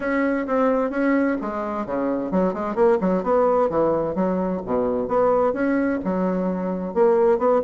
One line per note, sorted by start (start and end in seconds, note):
0.00 0.46 C#4
0.46 0.90 C4
0.90 1.36 C#4
1.41 1.85 G#3
1.85 2.31 C#3
2.31 2.53 F#3
2.53 2.75 G#3
2.75 2.98 A#3
3.00 3.23 F#3
3.23 3.69 B3
3.69 4.15 E3
4.15 4.61 F#3
4.65 5.08 B2
5.08 5.53 B3
5.53 5.99 C#4
6.04 6.94 F#3
6.94 7.38 A#3
7.38 7.61 B3